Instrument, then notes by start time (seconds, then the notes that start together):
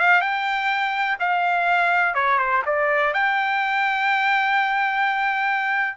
trumpet
0.00 F5
0.21 G5
1.20 F5
2.14 C#5
2.38 C5
2.66 D5
3.14 G5